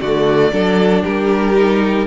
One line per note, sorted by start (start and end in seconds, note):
0.00 0.51 D3
0.00 0.52 A3
0.00 0.51 F#4
0.00 1.03 D5
0.51 1.03 F#3
0.51 1.54 D4
0.51 1.03 A4
1.03 2.06 G3
1.03 2.06 G4
1.03 2.06 A#4
1.55 2.06 D#4